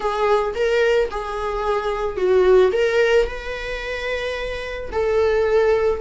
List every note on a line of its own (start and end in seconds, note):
0.00 0.53 G#4
0.55 1.09 A#4
1.10 2.16 G#4
2.16 2.71 F#4
2.72 3.27 A#4
3.27 4.90 B4
4.92 6.01 A4